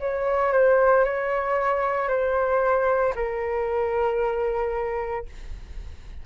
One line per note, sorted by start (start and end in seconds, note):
0.00 0.52 C#5
0.52 1.04 C5
1.04 2.09 C#5
2.09 3.14 C5
3.15 5.26 A#4